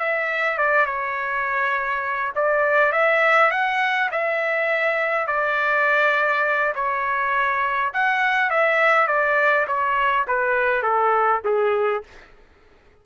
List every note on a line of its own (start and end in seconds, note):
0.00 0.58 E5
0.58 0.86 D5
0.86 2.33 C#5
2.36 2.93 D5
2.93 3.51 E5
3.51 4.10 F#5
4.12 5.28 E5
5.28 6.75 D5
6.75 7.93 C#5
7.94 8.51 F#5
8.51 9.08 E5
9.08 9.67 D5
9.68 10.26 C#5
10.28 10.83 B4
10.83 11.42 A4
11.45 12.04 G#4